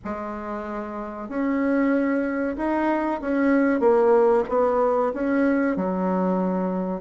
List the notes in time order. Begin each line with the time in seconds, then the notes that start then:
0.04 G#3
1.29 C#4
2.56 D#4
3.21 C#4
3.79 A#3
4.49 B3
5.13 C#4
5.76 F#3